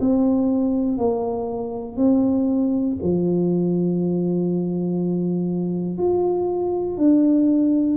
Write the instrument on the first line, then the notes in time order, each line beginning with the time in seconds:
tuba
0.00 C4
0.97 A#3
1.96 C4
3.02 F3
5.97 F4
6.97 D4